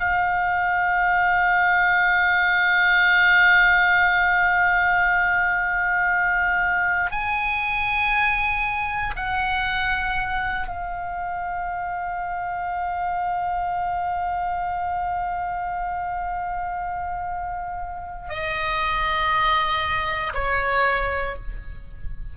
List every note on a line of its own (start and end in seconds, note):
0.00 7.12 F5
7.12 9.15 G#5
9.17 10.68 F#5
10.68 18.30 F5
18.30 20.33 D#5
20.34 21.36 C#5